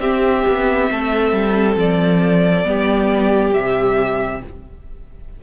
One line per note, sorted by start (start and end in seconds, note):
0.00 0.44 C4
0.00 2.65 C4
0.00 0.90 G4
0.00 1.77 E5
0.48 0.91 B3
0.91 1.33 A3
0.91 2.67 A4
1.33 1.76 G3
1.76 2.64 F3
1.76 3.54 D5
2.64 3.53 G3
2.64 3.53 B3
2.64 4.44 G4
3.53 4.42 C3
3.53 4.41 G3
3.53 4.42 E5